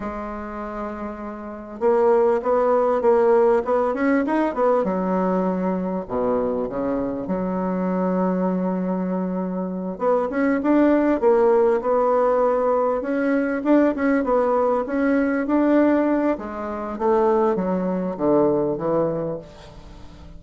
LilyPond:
\new Staff \with { instrumentName = "bassoon" } { \time 4/4 \tempo 4 = 99 gis2. ais4 | b4 ais4 b8 cis'8 dis'8 b8 | fis2 b,4 cis4 | fis1~ |
fis8 b8 cis'8 d'4 ais4 b8~ | b4. cis'4 d'8 cis'8 b8~ | b8 cis'4 d'4. gis4 | a4 fis4 d4 e4 | }